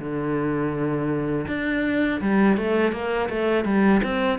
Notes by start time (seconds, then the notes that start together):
0.00 D3
1.48 D4
2.21 G3
2.58 A3
2.93 A#3
3.30 A3
3.65 G3
4.04 C4